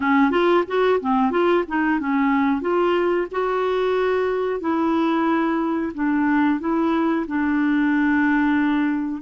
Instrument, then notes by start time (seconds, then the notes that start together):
clarinet
0.00 C#4
0.31 F4
0.67 F#4
1.00 C4
1.30 F4
1.67 D#4
1.99 C#4
2.61 F4
3.31 F#4
4.60 E4
5.93 D4
6.60 E4
7.27 D4